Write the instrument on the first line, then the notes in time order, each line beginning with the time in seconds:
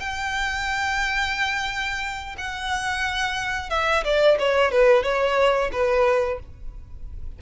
violin
0.00 G5
2.38 F#5
3.70 E5
4.04 D5
4.39 C#5
4.72 B4
5.03 C#5
5.72 B4